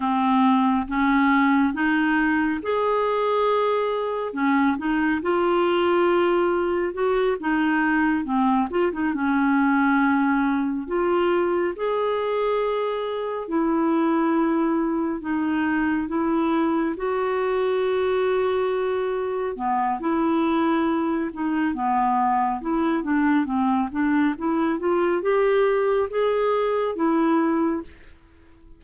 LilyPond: \new Staff \with { instrumentName = "clarinet" } { \time 4/4 \tempo 4 = 69 c'4 cis'4 dis'4 gis'4~ | gis'4 cis'8 dis'8 f'2 | fis'8 dis'4 c'8 f'16 dis'16 cis'4.~ | cis'8 f'4 gis'2 e'8~ |
e'4. dis'4 e'4 fis'8~ | fis'2~ fis'8 b8 e'4~ | e'8 dis'8 b4 e'8 d'8 c'8 d'8 | e'8 f'8 g'4 gis'4 e'4 | }